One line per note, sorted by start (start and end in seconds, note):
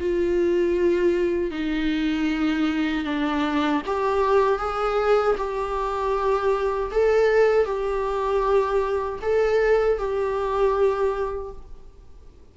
0.00 1.51 F4
1.51 3.05 D#4
3.05 3.82 D4
3.86 4.59 G4
4.59 5.36 G#4
5.37 6.91 G4
6.92 7.66 A4
7.66 9.20 G4
9.22 9.98 A4
9.98 11.52 G4